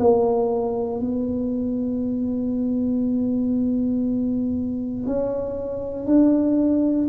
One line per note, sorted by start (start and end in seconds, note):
0.00 1.00 A#3
1.00 5.07 B3
5.07 6.06 C#4
6.06 7.08 D4